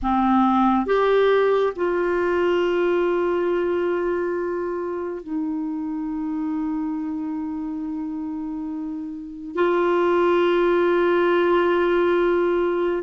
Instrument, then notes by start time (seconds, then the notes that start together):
clarinet
0.02 C4
0.86 G4
1.75 F4
5.23 D#4
9.55 F4